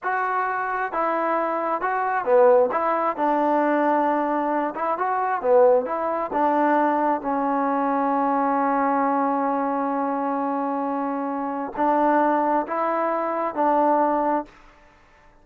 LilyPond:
\new Staff \with { instrumentName = "trombone" } { \time 4/4 \tempo 4 = 133 fis'2 e'2 | fis'4 b4 e'4 d'4~ | d'2~ d'8 e'8 fis'4 | b4 e'4 d'2 |
cis'1~ | cis'1~ | cis'2 d'2 | e'2 d'2 | }